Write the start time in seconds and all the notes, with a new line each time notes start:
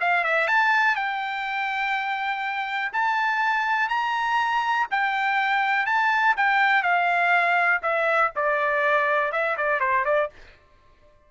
0.00 F5
0.24 E5
0.48 A5
0.95 G5
2.92 A5
3.89 A#5
4.90 G5
5.86 A5
6.37 G5
6.82 F5
7.82 E5
8.35 D5
9.32 E5
9.57 D5
9.80 C5
10.05 D5